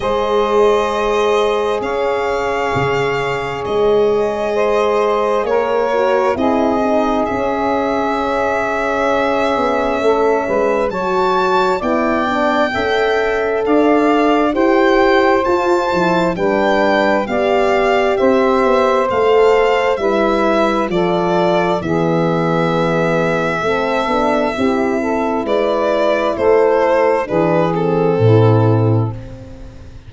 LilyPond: <<
  \new Staff \with { instrumentName = "violin" } { \time 4/4 \tempo 4 = 66 dis''2 f''2 | dis''2 cis''4 dis''4 | e''1 | a''4 g''2 f''4 |
g''4 a''4 g''4 f''4 | e''4 f''4 e''4 d''4 | e''1 | d''4 c''4 b'8 a'4. | }
  \new Staff \with { instrumentName = "saxophone" } { \time 4/4 c''2 cis''2~ | cis''4 c''4 ais'4 gis'4~ | gis'2. a'8 b'8 | cis''4 d''4 e''4 d''4 |
c''2 b'4 d''4 | c''2 b'4 a'4 | gis'2 a'4 g'8 a'8 | b'4 a'4 gis'4 e'4 | }
  \new Staff \with { instrumentName = "horn" } { \time 4/4 gis'1~ | gis'2~ gis'8 fis'8 e'8 dis'8 | cis'1 | fis'4 e'8 d'8 a'2 |
g'4 f'8 e'8 d'4 g'4~ | g'4 a'4 e'4 f'4 | b2 c'8 d'8 e'4~ | e'2 d'8 c'4. | }
  \new Staff \with { instrumentName = "tuba" } { \time 4/4 gis2 cis'4 cis4 | gis2 ais4 c'4 | cis'2~ cis'8 b8 a8 gis8 | fis4 b4 cis'4 d'4 |
e'4 f'8 f8 g4 b4 | c'8 b8 a4 g4 f4 | e2 a8 b8 c'4 | gis4 a4 e4 a,4 | }
>>